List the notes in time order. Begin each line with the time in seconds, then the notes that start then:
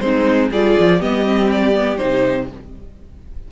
0.00 G#3 C4 D#4 C5
0.51 G3 F4 G#4 D5
0.80 F3
1.00 G3 B3 G4 D#5
1.25 C4
1.52 D5
1.75 B3
1.97 C3 D#4 C5